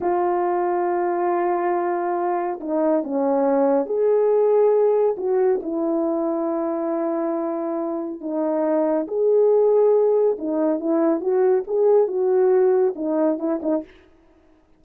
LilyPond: \new Staff \with { instrumentName = "horn" } { \time 4/4 \tempo 4 = 139 f'1~ | f'2 dis'4 cis'4~ | cis'4 gis'2. | fis'4 e'2.~ |
e'2. dis'4~ | dis'4 gis'2. | dis'4 e'4 fis'4 gis'4 | fis'2 dis'4 e'8 dis'8 | }